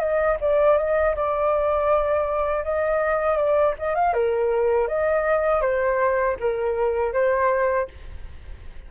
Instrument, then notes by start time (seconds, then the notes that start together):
flute
0.00 D#5
0.41 D5
0.78 D#5
1.16 D5
2.65 D#5
3.37 D5
3.79 D#5
3.95 F5
4.14 A#4
4.88 D#5
5.62 C5
6.40 A#4
7.14 C5